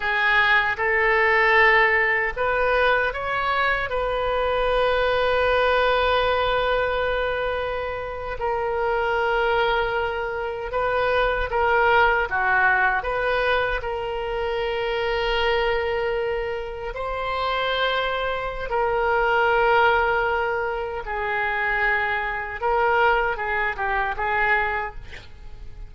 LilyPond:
\new Staff \with { instrumentName = "oboe" } { \time 4/4 \tempo 4 = 77 gis'4 a'2 b'4 | cis''4 b'2.~ | b'2~ b'8. ais'4~ ais'16~ | ais'4.~ ais'16 b'4 ais'4 fis'16~ |
fis'8. b'4 ais'2~ ais'16~ | ais'4.~ ais'16 c''2~ c''16 | ais'2. gis'4~ | gis'4 ais'4 gis'8 g'8 gis'4 | }